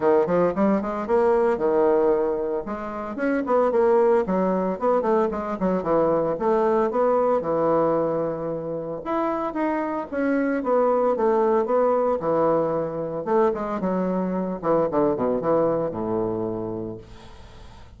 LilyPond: \new Staff \with { instrumentName = "bassoon" } { \time 4/4 \tempo 4 = 113 dis8 f8 g8 gis8 ais4 dis4~ | dis4 gis4 cis'8 b8 ais4 | fis4 b8 a8 gis8 fis8 e4 | a4 b4 e2~ |
e4 e'4 dis'4 cis'4 | b4 a4 b4 e4~ | e4 a8 gis8 fis4. e8 | d8 b,8 e4 a,2 | }